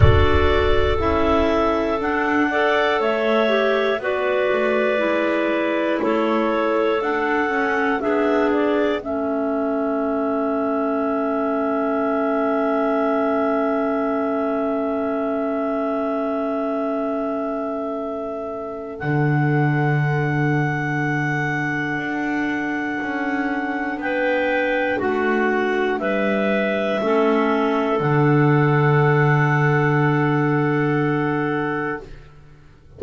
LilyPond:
<<
  \new Staff \with { instrumentName = "clarinet" } { \time 4/4 \tempo 4 = 60 d''4 e''4 fis''4 e''4 | d''2 cis''4 fis''4 | e''8 d''8 e''2.~ | e''1~ |
e''2. fis''4~ | fis''1 | g''4 fis''4 e''2 | fis''1 | }
  \new Staff \with { instrumentName = "clarinet" } { \time 4/4 a'2~ a'8 d''8 cis''4 | b'2 a'2 | gis'4 a'2.~ | a'1~ |
a'1~ | a'1 | b'4 fis'4 b'4 a'4~ | a'1 | }
  \new Staff \with { instrumentName = "clarinet" } { \time 4/4 fis'4 e'4 d'8 a'4 g'8 | fis'4 e'2 d'8 cis'8 | d'4 cis'2.~ | cis'1~ |
cis'2. d'4~ | d'1~ | d'2. cis'4 | d'1 | }
  \new Staff \with { instrumentName = "double bass" } { \time 4/4 d'4 cis'4 d'4 a4 | b8 a8 gis4 a4 d'8 cis'8 | b4 a2.~ | a1~ |
a2. d4~ | d2 d'4 cis'4 | b4 a4 g4 a4 | d1 | }
>>